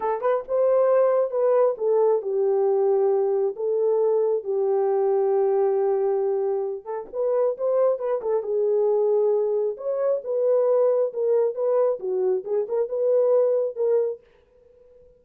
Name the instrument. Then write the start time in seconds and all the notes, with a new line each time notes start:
horn
0.00 A4
0.21 B4
0.48 C5
1.31 B4
1.77 A4
2.22 G4
3.56 A4
4.43 G4
6.84 A4
7.12 B4
7.57 C5
7.98 B4
8.21 A4
8.43 G#4
9.77 C#5
10.23 B4
11.13 A#4
11.55 B4
11.99 F#4
12.44 G#4
12.68 A#4
12.88 B4
13.76 A#4